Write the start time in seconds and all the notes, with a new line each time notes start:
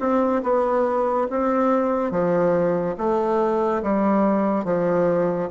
0.00 C4
0.43 B3
1.30 C4
2.11 F3
2.98 A3
3.83 G3
4.64 F3